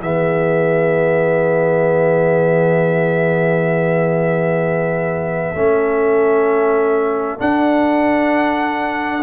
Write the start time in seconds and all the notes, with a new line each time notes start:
0.00 E3 B3 G#4 E5
5.54 A3 C#4 A4
7.38 D4 F#5